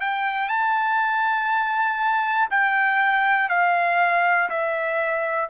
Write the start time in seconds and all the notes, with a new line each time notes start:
0.00 G5
0.48 A5
2.50 G5
3.49 F5
4.49 E5